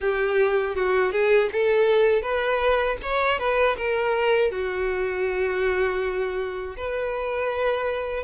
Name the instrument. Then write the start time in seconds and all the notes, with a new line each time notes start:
violin
0.00 G4
0.75 F#4
1.11 G#4
1.52 A4
2.21 B4
3.02 C#5
3.39 B4
3.77 A#4
4.51 F#4
6.76 B4